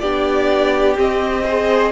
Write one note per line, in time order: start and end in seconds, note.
0.00 0.98 B3
0.00 0.97 D4
0.00 1.45 G4
0.00 0.95 D5
0.97 1.44 C4
0.97 1.93 C4
0.97 1.93 D#5
1.45 1.93 G#4
1.45 1.92 C5